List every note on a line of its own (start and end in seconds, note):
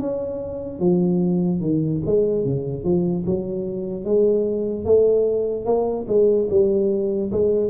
0.00 0.80 C#4
0.80 1.61 F3
1.61 2.02 D#3
2.06 2.45 G#3
2.45 2.85 C#3
2.85 3.25 F3
3.26 4.05 F#3
4.05 4.85 G#3
4.85 5.66 A3
5.66 6.06 A#3
6.08 6.49 G#3
6.50 7.31 G3
7.32 7.71 G#3